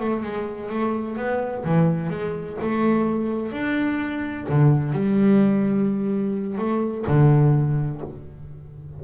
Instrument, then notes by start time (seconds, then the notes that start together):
double bass
0.00 A3
0.23 G#3
0.69 A3
1.17 B3
1.64 E3
2.10 G#3
2.61 A3
3.52 D4
4.49 D3
4.92 G3
6.58 A3
7.07 D3